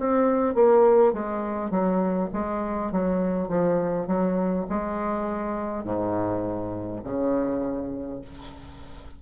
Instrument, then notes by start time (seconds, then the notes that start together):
bassoon
0.00 C4
0.55 A#3
1.13 G#3
1.71 F#3
2.33 G#3
2.92 F#3
3.49 F3
4.07 F#3
4.70 G#3
5.84 G#2
7.04 C#3